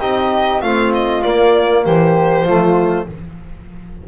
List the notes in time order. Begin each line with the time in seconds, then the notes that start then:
0.00 C4 D#4 G4 D#5
0.61 A3 C4 F4 F5
0.94 D#5
1.23 A#3 D5
1.85 E3 G4 C5
2.43 F3 A3 F4